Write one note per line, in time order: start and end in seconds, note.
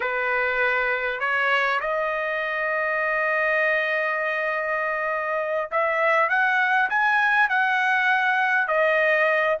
0.00 1.20 B4
1.20 1.80 C#5
1.80 5.70 D#5
5.71 6.29 E5
6.29 6.89 F#5
6.89 7.49 G#5
7.49 8.67 F#5
8.67 9.57 D#5